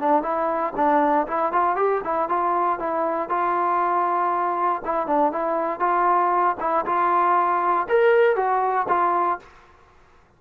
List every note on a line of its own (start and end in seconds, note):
0.00 0.22 D4
0.22 0.73 E4
0.76 1.27 D4
1.27 1.53 E4
1.53 1.76 F4
1.76 2.01 G4
2.04 2.29 E4
2.29 2.79 F4
2.79 3.29 E4
3.29 4.82 F4
4.85 5.07 E4
5.07 5.32 D4
5.32 5.80 E4
5.80 6.56 F4
6.60 6.85 E4
6.86 7.87 F4
7.89 8.36 A#4
8.36 8.87 F#4
8.88 9.39 F4